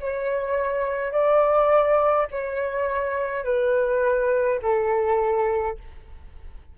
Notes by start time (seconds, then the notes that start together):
0.00 C#5
1.11 D5
2.31 C#5
3.44 B4
4.62 A4